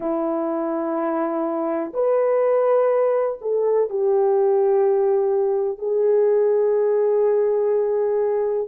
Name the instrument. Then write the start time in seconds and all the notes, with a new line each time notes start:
horn
0.00 E4
1.94 B4
3.41 A4
3.89 G4
5.78 G#4